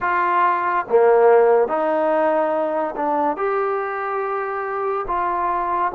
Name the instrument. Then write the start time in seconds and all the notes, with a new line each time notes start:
trombone
0.00 F4
0.89 A#3
1.67 D#4
2.96 D4
3.36 G4
5.07 F4